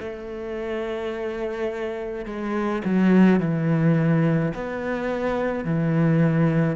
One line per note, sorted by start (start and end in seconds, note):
0.00 2.25 A3
2.25 2.82 G#3
2.85 3.40 F#3
3.40 4.53 E3
4.54 5.64 B3
5.64 6.76 E3